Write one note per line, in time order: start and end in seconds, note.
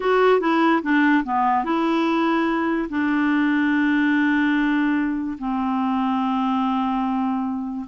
0.00 0.40 F#4
0.40 0.82 E4
0.82 1.23 D4
1.23 1.64 B3
1.64 2.88 E4
2.89 5.37 D4
5.38 7.86 C4